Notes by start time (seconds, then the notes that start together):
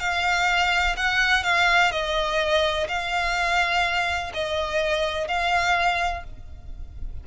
0.00 F5
0.97 F#5
1.43 F5
1.91 D#5
2.88 F5
4.34 D#5
5.28 F5